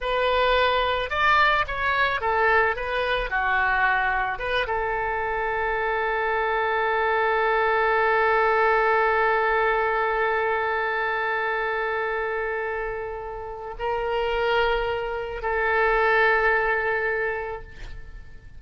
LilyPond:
\new Staff \with { instrumentName = "oboe" } { \time 4/4 \tempo 4 = 109 b'2 d''4 cis''4 | a'4 b'4 fis'2 | b'8 a'2.~ a'8~ | a'1~ |
a'1~ | a'1~ | a'4 ais'2. | a'1 | }